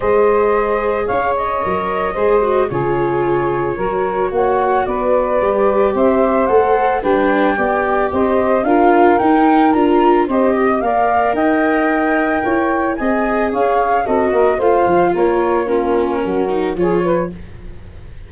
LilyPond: <<
  \new Staff \with { instrumentName = "flute" } { \time 4/4 \tempo 4 = 111 dis''2 f''8 dis''4.~ | dis''4 cis''2. | fis''4 d''2 e''4 | fis''4 g''2 dis''4 |
f''4 g''4 ais''4 dis''4 | f''4 g''2. | gis''4 f''4 dis''4 f''4 | cis''4 ais'2 cis''4 | }
  \new Staff \with { instrumentName = "saxophone" } { \time 4/4 c''2 cis''2 | c''4 gis'2 ais'4 | cis''4 b'2 c''4~ | c''4 b'4 d''4 c''4 |
ais'2. c''8 dis''8 | d''4 dis''2 cis''4 | dis''4 cis''4 a'8 ais'8 c''4 | ais'4 f'4 fis'4 gis'8 b'8 | }
  \new Staff \with { instrumentName = "viola" } { \time 4/4 gis'2. ais'4 | gis'8 fis'8 f'2 fis'4~ | fis'2 g'2 | a'4 d'4 g'2 |
f'4 dis'4 f'4 g'4 | ais'1 | gis'2 fis'4 f'4~ | f'4 cis'4. dis'8 f'4 | }
  \new Staff \with { instrumentName = "tuba" } { \time 4/4 gis2 cis'4 fis4 | gis4 cis2 fis4 | ais4 b4 g4 c'4 | a4 g4 b4 c'4 |
d'4 dis'4 d'4 c'4 | ais4 dis'2 e'4 | c'4 cis'4 c'8 ais8 a8 f8 | ais2 fis4 f4 | }
>>